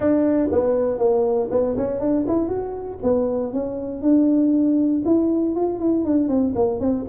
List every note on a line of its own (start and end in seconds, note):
0.00 0.49 D4
0.51 0.98 B3
0.98 1.48 A#3
1.50 1.76 B3
1.77 1.99 C#4
1.99 2.25 D4
2.27 2.48 E4
2.48 2.98 F#4
3.03 3.53 B3
3.53 4.02 C#4
4.02 5.02 D4
5.05 5.55 E4
5.55 5.79 F4
5.79 6.04 E4
6.05 6.28 D4
6.28 6.53 C4
6.55 6.80 A#3
6.80 7.05 C4